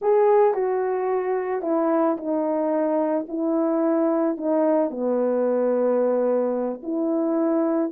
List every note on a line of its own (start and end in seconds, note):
0.01 0.54 G#4
0.54 1.62 F#4
1.62 2.16 E4
2.17 3.26 D#4
3.28 4.37 E4
4.37 4.90 D#4
4.90 6.81 B3
6.82 7.91 E4